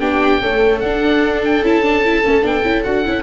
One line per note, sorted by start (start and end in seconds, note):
0.00 0.41 B3
0.00 0.41 D4
0.00 0.42 G4
0.00 0.80 G5
0.42 0.83 A3
0.42 0.82 C#4
0.42 3.23 A4
0.80 1.62 D4
0.80 1.64 D4
0.80 1.41 F#5
1.45 1.65 G5
1.62 2.23 C#4
1.62 1.83 E4
1.62 2.46 A5
1.83 2.03 D4
2.04 2.24 E4
2.24 2.43 A3
2.24 2.42 C#4
2.42 2.63 B3
2.42 2.62 D4
2.42 2.83 G5
2.64 2.84 C#4
2.64 2.84 E4
2.83 3.06 D4
2.83 3.05 F#4
2.83 3.23 F#5
3.05 3.23 C#4
3.05 3.23 E4